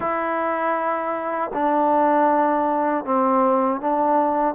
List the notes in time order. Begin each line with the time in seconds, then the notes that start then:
0.00 E4
1.53 D4
3.04 C4
3.80 D4